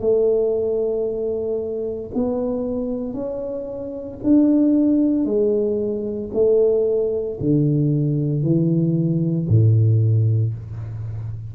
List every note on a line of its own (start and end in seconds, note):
0.00 2.11 A3
2.14 3.13 B3
3.13 4.19 C#4
4.23 5.24 D4
5.24 6.30 G#3
6.33 7.38 A3
7.40 8.42 D3
8.42 9.47 E3
9.48 10.54 A2